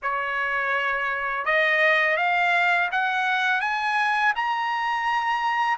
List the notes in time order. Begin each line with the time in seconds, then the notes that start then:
0.02 C#5
1.45 D#5
2.17 F5
2.91 F#5
3.60 G#5
4.35 A#5